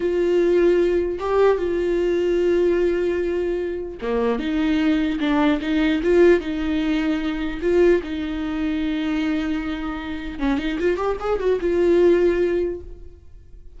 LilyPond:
\new Staff \with { instrumentName = "viola" } { \time 4/4 \tempo 4 = 150 f'2. g'4 | f'1~ | f'2 ais4 dis'4~ | dis'4 d'4 dis'4 f'4 |
dis'2. f'4 | dis'1~ | dis'2 cis'8 dis'8 f'8 g'8 | gis'8 fis'8 f'2. | }